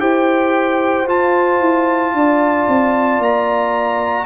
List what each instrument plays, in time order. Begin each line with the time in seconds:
0.00 tuba E4, trombone G4, horn C5, trumpet G5
1.06 trombone F4, tuba F4, trumpet A5
1.60 tuba E4
2.14 tuba D4, horn D5
2.68 tuba C4
3.19 tuba A#3, trumpet A#5